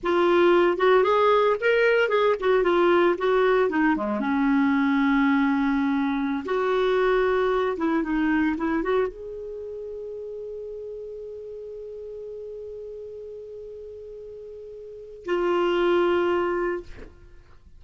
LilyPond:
\new Staff \with { instrumentName = "clarinet" } { \time 4/4 \tempo 4 = 114 f'4. fis'8 gis'4 ais'4 | gis'8 fis'8 f'4 fis'4 dis'8 gis8 | cis'1~ | cis'16 fis'2~ fis'8 e'8 dis'8.~ |
dis'16 e'8 fis'8 gis'2~ gis'8.~ | gis'1~ | gis'1~ | gis'4 f'2. | }